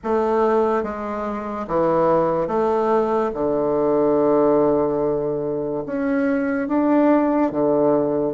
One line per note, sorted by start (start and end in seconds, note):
0.03 0.83 A3
0.83 1.66 G#3
1.67 2.47 E3
2.47 3.31 A3
3.34 5.84 D3
5.86 6.68 C#4
6.68 7.51 D4
7.51 8.33 D3